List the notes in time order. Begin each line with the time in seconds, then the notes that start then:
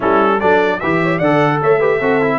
0.00 G3 C#4 E4 A4
0.40 F#3 D4 A4 D5
0.80 E3 G4 B4 E5
1.02 C#5
1.18 D3 A4 D5 F#5
1.62 A3 C#5 E5
1.79 G4 B4
2.00 C4 F#4 A4
2.21 E4